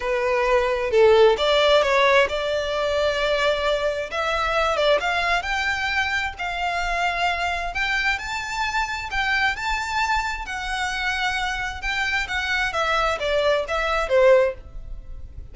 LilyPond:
\new Staff \with { instrumentName = "violin" } { \time 4/4 \tempo 4 = 132 b'2 a'4 d''4 | cis''4 d''2.~ | d''4 e''4. d''8 f''4 | g''2 f''2~ |
f''4 g''4 a''2 | g''4 a''2 fis''4~ | fis''2 g''4 fis''4 | e''4 d''4 e''4 c''4 | }